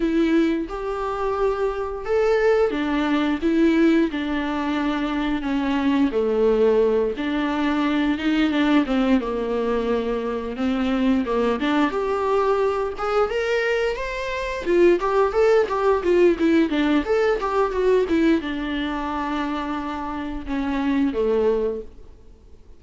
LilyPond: \new Staff \with { instrumentName = "viola" } { \time 4/4 \tempo 4 = 88 e'4 g'2 a'4 | d'4 e'4 d'2 | cis'4 a4. d'4. | dis'8 d'8 c'8 ais2 c'8~ |
c'8 ais8 d'8 g'4. gis'8 ais'8~ | ais'8 c''4 f'8 g'8 a'8 g'8 f'8 | e'8 d'8 a'8 g'8 fis'8 e'8 d'4~ | d'2 cis'4 a4 | }